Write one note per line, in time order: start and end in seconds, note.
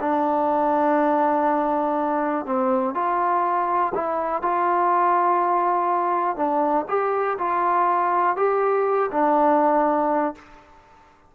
0.00 2.45 D4
2.45 2.94 C4
2.94 3.93 F4
3.94 4.42 E4
4.42 6.36 F4
6.36 6.85 D4
6.88 7.37 G4
7.38 8.36 F4
8.36 9.10 G4
9.11 10.34 D4